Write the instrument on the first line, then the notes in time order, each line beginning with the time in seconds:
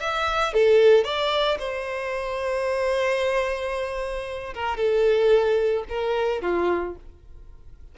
violin
0.00 E5
0.53 A4
1.04 D5
1.59 C5
4.54 A#4
4.77 A4
5.89 A#4
6.42 F4